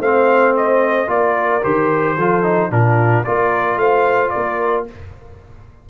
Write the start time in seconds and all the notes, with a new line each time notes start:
0.00 A3 C4 C5 F5
0.57 D#5
1.08 A#3 F4 A#4 D5
1.63 D#3 G4 C5
2.17 F3 F4 A4
2.43 D#4
2.71 A#2 D4 F4 A#4
3.25 A#3 F4 A#4 D5
3.77 A3 C5 F5
4.30 A#3 A#4 D5